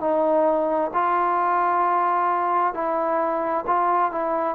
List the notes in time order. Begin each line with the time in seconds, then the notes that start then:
0.00 D#4
0.93 F4
2.74 E4
3.67 F4
4.12 E4